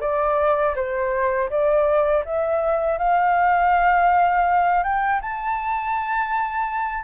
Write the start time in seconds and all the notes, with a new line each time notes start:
0.00 D5
0.75 C5
1.49 D5
2.25 E5
2.98 F5
4.83 G5
5.21 A5